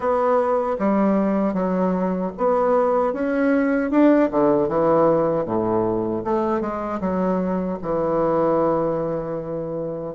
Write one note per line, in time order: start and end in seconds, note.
0.00 0.77 B3
0.78 1.53 G3
1.53 2.31 F#3
2.37 3.13 B3
3.13 3.90 C#4
3.90 4.29 D4
4.30 4.68 D3
4.68 5.45 E3
5.45 6.23 A2
6.24 6.61 A3
6.61 7.00 G#3
7.00 7.78 F#3
7.82 10.15 E3